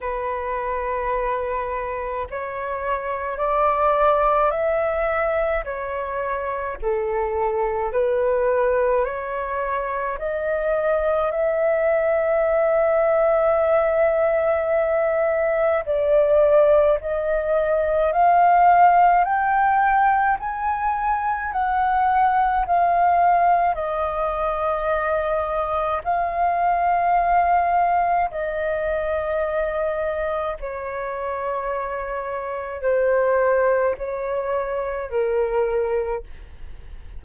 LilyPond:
\new Staff \with { instrumentName = "flute" } { \time 4/4 \tempo 4 = 53 b'2 cis''4 d''4 | e''4 cis''4 a'4 b'4 | cis''4 dis''4 e''2~ | e''2 d''4 dis''4 |
f''4 g''4 gis''4 fis''4 | f''4 dis''2 f''4~ | f''4 dis''2 cis''4~ | cis''4 c''4 cis''4 ais'4 | }